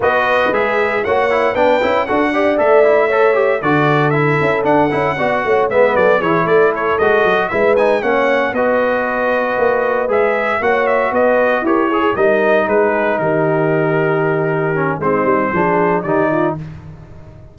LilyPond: <<
  \new Staff \with { instrumentName = "trumpet" } { \time 4/4 \tempo 4 = 116 dis''4 e''4 fis''4 g''4 | fis''4 e''2 d''4 | e''4 fis''2 e''8 d''8 | cis''8 d''8 cis''8 dis''4 e''8 gis''8 fis''8~ |
fis''8 dis''2. e''8~ | e''8 fis''8 e''8 dis''4 cis''4 dis''8~ | dis''8 b'4 ais'2~ ais'8~ | ais'4 c''2 d''4 | }
  \new Staff \with { instrumentName = "horn" } { \time 4/4 b'2 cis''4 b'4 | a'8 d''4. cis''4 a'4~ | a'2 d''8 cis''8 b'8 a'8 | gis'8 a'2 b'4 cis''8~ |
cis''8 b'2.~ b'8~ | b'8 cis''4 b'4 ais'8 gis'8 ais'8~ | ais'8 gis'4 g'2~ g'8~ | g'4 dis'4 gis'4 g'8 f'8 | }
  \new Staff \with { instrumentName = "trombone" } { \time 4/4 fis'4 gis'4 fis'8 e'8 d'8 e'8 | fis'8 g'8 a'8 e'8 a'8 g'8 fis'4 | e'4 d'8 e'8 fis'4 b4 | e'4. fis'4 e'8 dis'8 cis'8~ |
cis'8 fis'2. gis'8~ | gis'8 fis'2 g'8 gis'8 dis'8~ | dis'1~ | dis'8 cis'8 c'4 d'4 dis'4 | }
  \new Staff \with { instrumentName = "tuba" } { \time 4/4 b4 gis4 ais4 b8 cis'8 | d'4 a2 d4~ | d8 cis'8 d'8 cis'8 b8 a8 gis8 fis8 | e8 a4 gis8 fis8 gis4 ais8~ |
ais8 b2 ais4 gis8~ | gis8 ais4 b4 e'4 g8~ | g8 gis4 dis2~ dis8~ | dis4 gis8 g8 f4 dis4 | }
>>